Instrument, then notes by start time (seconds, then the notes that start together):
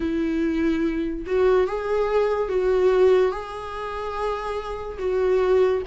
viola
0.00 E4
1.26 F#4
1.67 G#4
2.48 F#4
3.31 G#4
4.98 F#4